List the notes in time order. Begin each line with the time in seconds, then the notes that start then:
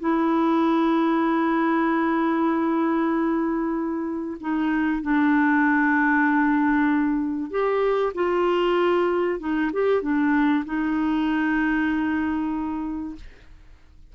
0.00 E4
4.40 D#4
5.02 D4
7.50 G4
8.14 F4
9.39 D#4
9.73 G4
10.02 D4
10.65 D#4